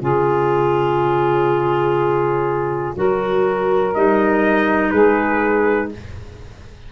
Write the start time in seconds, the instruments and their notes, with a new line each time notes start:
0.00 tuba C#3, clarinet F4, saxophone G#4, trumpet C#5
2.96 tuba F#3, clarinet F#4, saxophone A#4
3.95 tuba G3, clarinet D#4, trumpet D#5
4.91 tuba G#3, saxophone G#4, trumpet B4